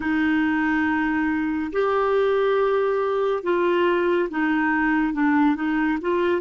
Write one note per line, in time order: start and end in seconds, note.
0.00 1.71 D#4
1.72 3.43 G4
3.43 4.29 F4
4.29 5.13 D#4
5.13 5.55 D4
5.55 5.98 D#4
6.01 6.41 F4